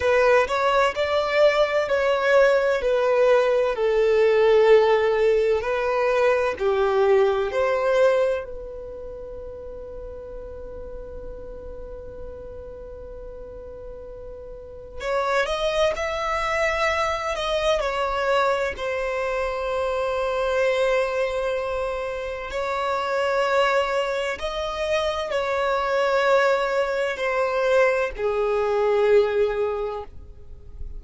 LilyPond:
\new Staff \with { instrumentName = "violin" } { \time 4/4 \tempo 4 = 64 b'8 cis''8 d''4 cis''4 b'4 | a'2 b'4 g'4 | c''4 b'2.~ | b'1 |
cis''8 dis''8 e''4. dis''8 cis''4 | c''1 | cis''2 dis''4 cis''4~ | cis''4 c''4 gis'2 | }